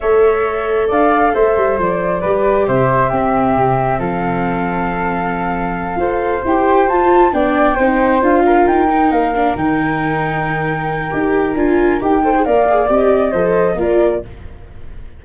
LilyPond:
<<
  \new Staff \with { instrumentName = "flute" } { \time 4/4 \tempo 4 = 135 e''2 f''4 e''4 | d''2 e''2~ | e''4 f''2.~ | f''2~ f''8 g''4 a''8~ |
a''8 g''2 f''4 g''8~ | g''8 f''4 g''2~ g''8~ | g''2 gis''4 g''4 | f''4 dis''2 d''4 | }
  \new Staff \with { instrumentName = "flute" } { \time 4/4 cis''2 d''4 c''4~ | c''4 b'4 c''4 g'4~ | g'4 a'2.~ | a'4. c''2~ c''8~ |
c''8 d''4 c''4. ais'4~ | ais'1~ | ais'2.~ ais'8 c''8 | d''2 c''4 ais'4 | }
  \new Staff \with { instrumentName = "viola" } { \time 4/4 a'1~ | a'4 g'2 c'4~ | c'1~ | c'4. a'4 g'4 f'8~ |
f'8 d'4 dis'4 f'4. | dis'4 d'8 dis'2~ dis'8~ | dis'4 g'4 f'4 g'8 a'16 gis'16 | ais'8 gis'8 g'4 a'4 f'4 | }
  \new Staff \with { instrumentName = "tuba" } { \time 4/4 a2 d'4 a8 g8 | f4 g4 c4 c'4 | c4 f2.~ | f4. f'4 e'4 f'8~ |
f'8 b4 c'4 d'4 dis'8~ | dis'8 ais4 dis2~ dis8~ | dis4 dis'4 d'4 dis'4 | ais4 c'4 f4 ais4 | }
>>